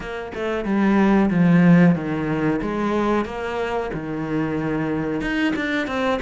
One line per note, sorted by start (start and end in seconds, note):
0.00 0.32 A#3
0.34 0.65 A3
0.65 1.30 G3
1.30 1.95 F3
1.95 2.60 D#3
2.61 3.25 G#3
3.25 3.90 A#3
3.93 5.21 D#3
5.21 5.53 D#4
5.56 5.87 D4
5.87 6.20 C4